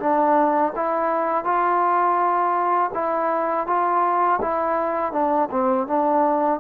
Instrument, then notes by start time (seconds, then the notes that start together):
trombone
0.00 D4
0.76 E4
1.45 F4
2.94 E4
3.68 F4
4.42 E4
5.13 D4
5.51 C4
5.88 D4